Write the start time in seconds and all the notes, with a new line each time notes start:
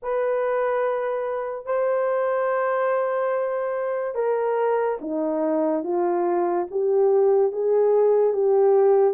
0.02 B4
1.65 C5
4.14 A#4
5.01 D#4
5.83 F4
6.70 G4
7.52 G#4
8.33 G4